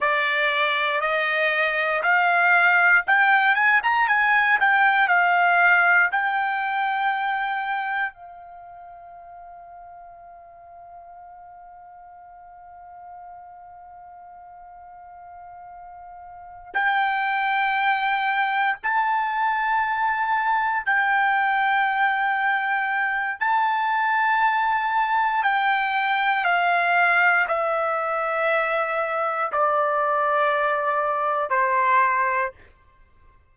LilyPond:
\new Staff \with { instrumentName = "trumpet" } { \time 4/4 \tempo 4 = 59 d''4 dis''4 f''4 g''8 gis''16 ais''16 | gis''8 g''8 f''4 g''2 | f''1~ | f''1~ |
f''8 g''2 a''4.~ | a''8 g''2~ g''8 a''4~ | a''4 g''4 f''4 e''4~ | e''4 d''2 c''4 | }